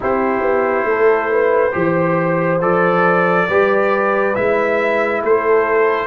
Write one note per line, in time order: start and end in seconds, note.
0.00 0.40 C4
0.00 1.72 E4
0.00 0.87 G4
0.00 2.61 C5
0.40 0.84 B3
0.84 1.71 A3
0.84 1.30 A4
1.30 1.74 B4
1.72 2.61 E3
1.72 2.59 G4
1.72 3.47 C5
2.61 3.48 F3
2.61 3.48 A4
2.61 4.35 D5
3.47 4.36 G3
3.47 4.34 G4
3.47 5.21 B4
4.34 5.22 G#3
4.34 6.07 E4
4.34 5.22 E5
5.22 6.07 A3
5.22 6.07 A4
5.22 6.07 C5